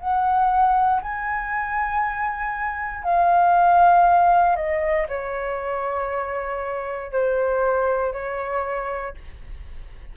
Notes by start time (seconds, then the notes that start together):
0.00 F#5
1.02 G#5
3.04 F5
4.56 D#5
5.08 C#5
7.12 C5
8.13 C#5